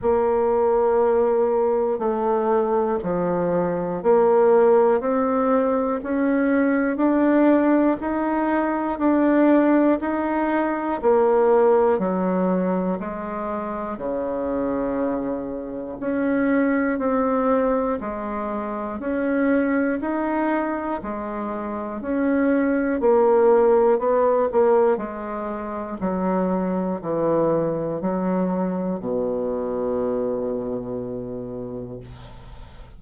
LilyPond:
\new Staff \with { instrumentName = "bassoon" } { \time 4/4 \tempo 4 = 60 ais2 a4 f4 | ais4 c'4 cis'4 d'4 | dis'4 d'4 dis'4 ais4 | fis4 gis4 cis2 |
cis'4 c'4 gis4 cis'4 | dis'4 gis4 cis'4 ais4 | b8 ais8 gis4 fis4 e4 | fis4 b,2. | }